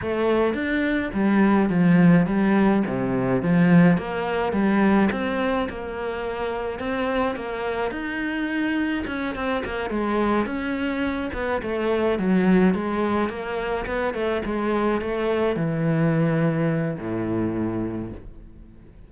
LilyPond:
\new Staff \with { instrumentName = "cello" } { \time 4/4 \tempo 4 = 106 a4 d'4 g4 f4 | g4 c4 f4 ais4 | g4 c'4 ais2 | c'4 ais4 dis'2 |
cis'8 c'8 ais8 gis4 cis'4. | b8 a4 fis4 gis4 ais8~ | ais8 b8 a8 gis4 a4 e8~ | e2 a,2 | }